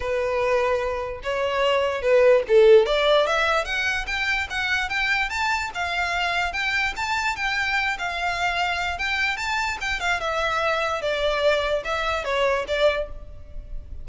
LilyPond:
\new Staff \with { instrumentName = "violin" } { \time 4/4 \tempo 4 = 147 b'2. cis''4~ | cis''4 b'4 a'4 d''4 | e''4 fis''4 g''4 fis''4 | g''4 a''4 f''2 |
g''4 a''4 g''4. f''8~ | f''2 g''4 a''4 | g''8 f''8 e''2 d''4~ | d''4 e''4 cis''4 d''4 | }